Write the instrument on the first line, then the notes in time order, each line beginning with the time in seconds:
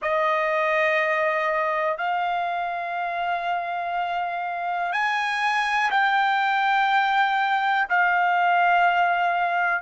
trumpet
0.01 D#5
1.97 F5
4.92 G#5
5.90 G5
7.89 F5